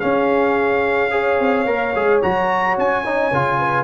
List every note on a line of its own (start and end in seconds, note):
0.00 1.11 C#4
0.00 1.40 C#4
0.00 1.12 G#4
0.00 2.20 F5
1.11 1.66 G#4
1.11 3.59 C#5
1.40 1.66 C4
1.66 1.93 A#3
1.66 1.94 A#4
1.94 2.22 G#3
1.94 2.23 G#4
2.22 2.77 F#3
2.22 3.04 F#4
2.22 2.77 A#5
2.77 3.32 C#4
2.77 3.84 G#5
3.04 3.32 D#4
3.32 3.84 C#3
3.32 3.84 F4
3.60 3.84 B4